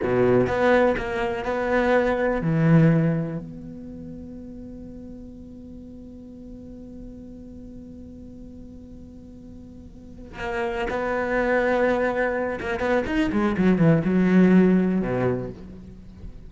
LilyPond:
\new Staff \with { instrumentName = "cello" } { \time 4/4 \tempo 4 = 124 b,4 b4 ais4 b4~ | b4 e2 b4~ | b1~ | b1~ |
b1~ | b4. ais4 b4.~ | b2 ais8 b8 dis'8 gis8 | fis8 e8 fis2 b,4 | }